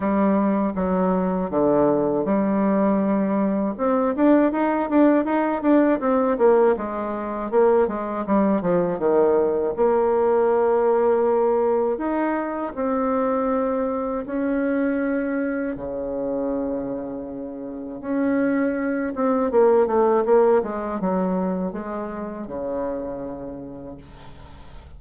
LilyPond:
\new Staff \with { instrumentName = "bassoon" } { \time 4/4 \tempo 4 = 80 g4 fis4 d4 g4~ | g4 c'8 d'8 dis'8 d'8 dis'8 d'8 | c'8 ais8 gis4 ais8 gis8 g8 f8 | dis4 ais2. |
dis'4 c'2 cis'4~ | cis'4 cis2. | cis'4. c'8 ais8 a8 ais8 gis8 | fis4 gis4 cis2 | }